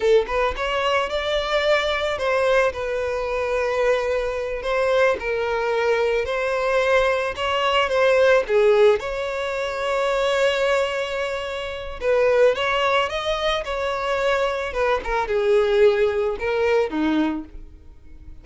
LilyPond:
\new Staff \with { instrumentName = "violin" } { \time 4/4 \tempo 4 = 110 a'8 b'8 cis''4 d''2 | c''4 b'2.~ | b'8 c''4 ais'2 c''8~ | c''4. cis''4 c''4 gis'8~ |
gis'8 cis''2.~ cis''8~ | cis''2 b'4 cis''4 | dis''4 cis''2 b'8 ais'8 | gis'2 ais'4 dis'4 | }